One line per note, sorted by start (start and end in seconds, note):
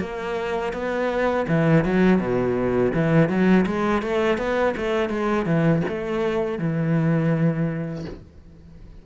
0.00 0.73 A#3
0.73 1.46 B3
1.48 1.85 E3
1.85 2.19 F#3
2.19 2.92 B2
2.94 3.29 E3
3.29 3.66 F#3
3.66 4.02 G#3
4.02 4.38 A3
4.38 4.75 B3
4.77 5.10 A3
5.10 5.46 G#3
5.46 5.82 E3
5.88 6.59 A3
6.59 8.05 E3